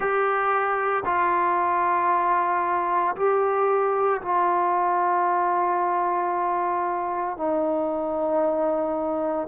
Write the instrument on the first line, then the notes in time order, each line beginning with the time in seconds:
trombone
0.00 G4
1.05 F4
3.16 G4
4.21 F4
7.37 D#4